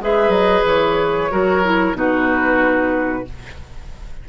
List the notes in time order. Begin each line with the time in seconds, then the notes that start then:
0.00 G#3 G#4 B4 E5
0.29 F#3 D#5
0.65 E3 C#5
1.30 F#3 F#4 A#4
1.64 E4
1.93 B2 D#4 F#4 B4